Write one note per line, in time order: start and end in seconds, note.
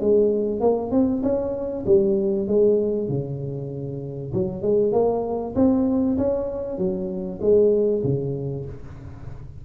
0.00 0.60 G#3
0.60 0.91 A#3
0.91 1.22 C4
1.22 1.84 C#4
1.86 2.47 G3
2.47 3.08 G#3
3.08 4.32 C#3
4.33 4.62 F#3
4.62 4.92 G#3
4.92 5.54 A#3
5.55 6.17 C4
6.17 6.78 C#4
6.78 7.39 F#3
7.41 8.02 G#3
8.03 8.65 C#3